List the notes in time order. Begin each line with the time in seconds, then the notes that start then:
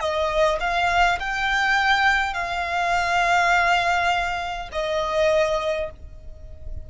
0.00 D#5
0.60 F5
1.20 G5
2.34 F5
4.72 D#5